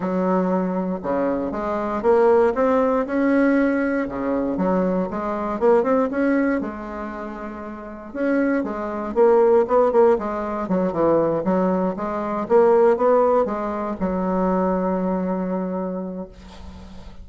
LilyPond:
\new Staff \with { instrumentName = "bassoon" } { \time 4/4 \tempo 4 = 118 fis2 cis4 gis4 | ais4 c'4 cis'2 | cis4 fis4 gis4 ais8 c'8 | cis'4 gis2. |
cis'4 gis4 ais4 b8 ais8 | gis4 fis8 e4 fis4 gis8~ | gis8 ais4 b4 gis4 fis8~ | fis1 | }